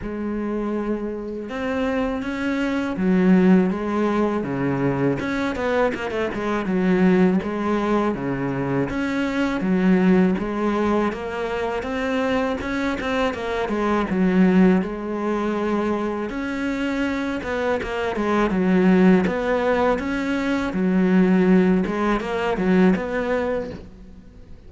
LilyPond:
\new Staff \with { instrumentName = "cello" } { \time 4/4 \tempo 4 = 81 gis2 c'4 cis'4 | fis4 gis4 cis4 cis'8 b8 | ais16 a16 gis8 fis4 gis4 cis4 | cis'4 fis4 gis4 ais4 |
c'4 cis'8 c'8 ais8 gis8 fis4 | gis2 cis'4. b8 | ais8 gis8 fis4 b4 cis'4 | fis4. gis8 ais8 fis8 b4 | }